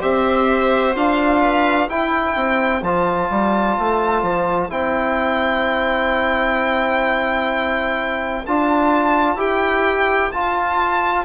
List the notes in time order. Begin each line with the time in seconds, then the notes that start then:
0.00 C4 G4 C5 E5
0.95 D4 F4 F5
1.41 B4
1.88 E4 C5 G5
2.36 C4
2.82 F3 F4 A5
3.30 G3
3.79 A3
4.23 F3
4.69 C4 E4 G5
8.47 D4 F4 A5
9.36 E4 G4 G5
10.32 F4 A5